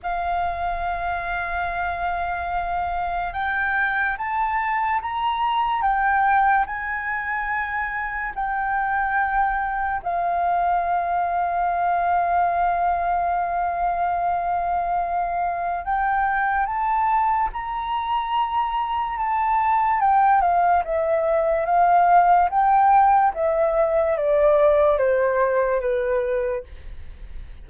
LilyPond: \new Staff \with { instrumentName = "flute" } { \time 4/4 \tempo 4 = 72 f''1 | g''4 a''4 ais''4 g''4 | gis''2 g''2 | f''1~ |
f''2. g''4 | a''4 ais''2 a''4 | g''8 f''8 e''4 f''4 g''4 | e''4 d''4 c''4 b'4 | }